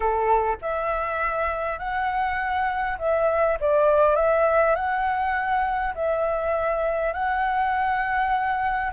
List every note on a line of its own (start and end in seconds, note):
0.00 0.56 A4
0.61 1.78 E5
1.78 2.97 F#5
2.98 3.58 E5
3.60 4.15 D5
4.15 4.75 E5
4.75 5.94 F#5
5.95 7.13 E5
7.13 8.91 F#5